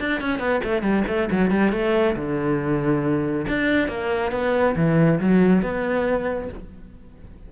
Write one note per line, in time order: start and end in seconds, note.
0.00 0.21 D4
0.21 0.39 C#4
0.39 0.61 B3
0.64 0.82 A3
0.82 1.04 G3
1.08 1.29 A3
1.31 1.51 F#3
1.51 1.72 G3
1.73 2.16 A3
2.16 3.47 D3
3.48 3.89 D4
3.89 4.32 A#3
4.32 4.75 B3
4.76 5.20 E3
5.20 5.62 F#3
5.62 6.49 B3